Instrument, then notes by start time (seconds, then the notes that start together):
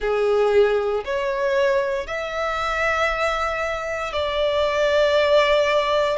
violin
0.00 G#4
1.04 C#5
2.06 E5
4.12 D5